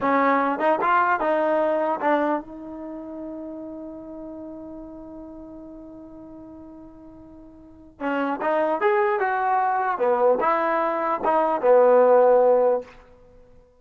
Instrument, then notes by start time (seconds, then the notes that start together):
trombone
0.00 C#4
0.59 D#4
0.81 F4
1.20 D#4
2.01 D4
2.40 D#4
8.00 C#4
8.41 D#4
8.81 G#4
9.19 F#4
9.98 B3
10.40 E4
11.24 D#4
11.61 B3